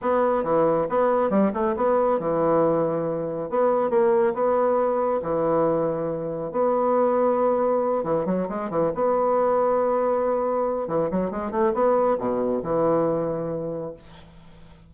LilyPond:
\new Staff \with { instrumentName = "bassoon" } { \time 4/4 \tempo 4 = 138 b4 e4 b4 g8 a8 | b4 e2. | b4 ais4 b2 | e2. b4~ |
b2~ b8 e8 fis8 gis8 | e8 b2.~ b8~ | b4 e8 fis8 gis8 a8 b4 | b,4 e2. | }